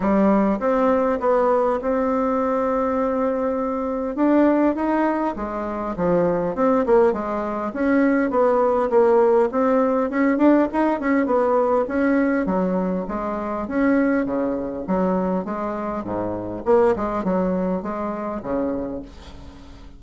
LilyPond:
\new Staff \with { instrumentName = "bassoon" } { \time 4/4 \tempo 4 = 101 g4 c'4 b4 c'4~ | c'2. d'4 | dis'4 gis4 f4 c'8 ais8 | gis4 cis'4 b4 ais4 |
c'4 cis'8 d'8 dis'8 cis'8 b4 | cis'4 fis4 gis4 cis'4 | cis4 fis4 gis4 gis,4 | ais8 gis8 fis4 gis4 cis4 | }